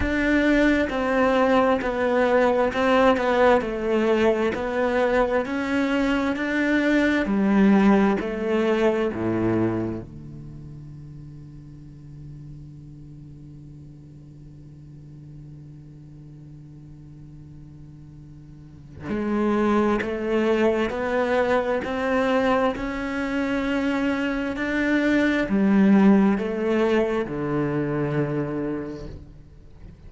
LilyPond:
\new Staff \with { instrumentName = "cello" } { \time 4/4 \tempo 4 = 66 d'4 c'4 b4 c'8 b8 | a4 b4 cis'4 d'4 | g4 a4 a,4 d4~ | d1~ |
d1~ | d4 gis4 a4 b4 | c'4 cis'2 d'4 | g4 a4 d2 | }